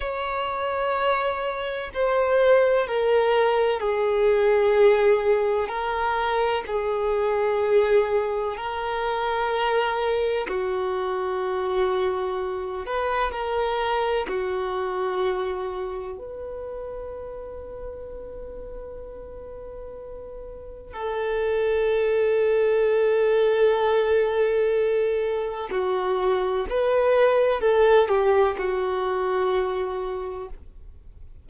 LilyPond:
\new Staff \with { instrumentName = "violin" } { \time 4/4 \tempo 4 = 63 cis''2 c''4 ais'4 | gis'2 ais'4 gis'4~ | gis'4 ais'2 fis'4~ | fis'4. b'8 ais'4 fis'4~ |
fis'4 b'2.~ | b'2 a'2~ | a'2. fis'4 | b'4 a'8 g'8 fis'2 | }